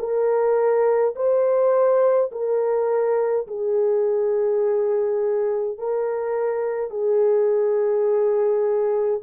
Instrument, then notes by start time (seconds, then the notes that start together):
horn
0.00 A#4
1.16 C5
2.32 A#4
3.48 G#4
5.78 A#4
6.91 G#4